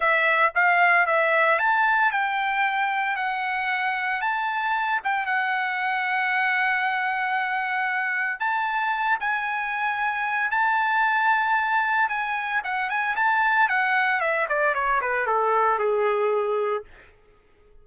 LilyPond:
\new Staff \with { instrumentName = "trumpet" } { \time 4/4 \tempo 4 = 114 e''4 f''4 e''4 a''4 | g''2 fis''2 | a''4. g''8 fis''2~ | fis''1 |
a''4. gis''2~ gis''8 | a''2. gis''4 | fis''8 gis''8 a''4 fis''4 e''8 d''8 | cis''8 b'8 a'4 gis'2 | }